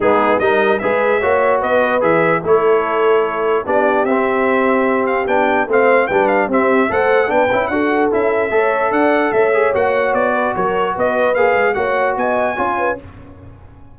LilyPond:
<<
  \new Staff \with { instrumentName = "trumpet" } { \time 4/4 \tempo 4 = 148 gis'4 dis''4 e''2 | dis''4 e''4 cis''2~ | cis''4 d''4 e''2~ | e''8 f''8 g''4 f''4 g''8 f''8 |
e''4 fis''4 g''4 fis''4 | e''2 fis''4 e''4 | fis''4 d''4 cis''4 dis''4 | f''4 fis''4 gis''2 | }
  \new Staff \with { instrumentName = "horn" } { \time 4/4 dis'4 ais'4 b'4 cis''4 | b'2 a'2~ | a'4 g'2.~ | g'2 c''4 b'4 |
g'4 c''4 b'4 a'4~ | a'4 cis''4 d''4 cis''4~ | cis''4. b'8 ais'4 b'4~ | b'4 cis''4 dis''4 cis''8 b'8 | }
  \new Staff \with { instrumentName = "trombone" } { \time 4/4 b4 dis'4 gis'4 fis'4~ | fis'4 gis'4 e'2~ | e'4 d'4 c'2~ | c'4 d'4 c'4 d'4 |
c'4 a'4 d'8 e'8 fis'4 | e'4 a'2~ a'8 gis'8 | fis'1 | gis'4 fis'2 f'4 | }
  \new Staff \with { instrumentName = "tuba" } { \time 4/4 gis4 g4 gis4 ais4 | b4 e4 a2~ | a4 b4 c'2~ | c'4 b4 a4 g4 |
c'4 a4 b8 cis'8 d'4 | cis'4 a4 d'4 a4 | ais4 b4 fis4 b4 | ais8 gis8 ais4 b4 cis'4 | }
>>